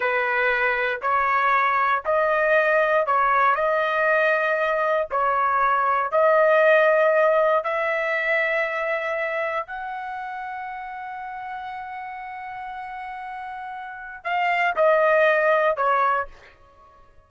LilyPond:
\new Staff \with { instrumentName = "trumpet" } { \time 4/4 \tempo 4 = 118 b'2 cis''2 | dis''2 cis''4 dis''4~ | dis''2 cis''2 | dis''2. e''4~ |
e''2. fis''4~ | fis''1~ | fis''1 | f''4 dis''2 cis''4 | }